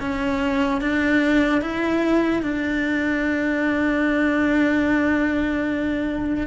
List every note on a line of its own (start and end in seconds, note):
0.00 0.81 C#4
0.81 1.61 D4
1.61 2.43 E4
2.43 6.47 D4